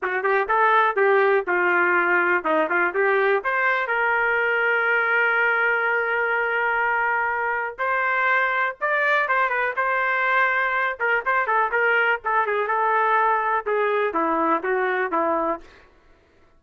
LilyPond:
\new Staff \with { instrumentName = "trumpet" } { \time 4/4 \tempo 4 = 123 fis'8 g'8 a'4 g'4 f'4~ | f'4 dis'8 f'8 g'4 c''4 | ais'1~ | ais'1 |
c''2 d''4 c''8 b'8 | c''2~ c''8 ais'8 c''8 a'8 | ais'4 a'8 gis'8 a'2 | gis'4 e'4 fis'4 e'4 | }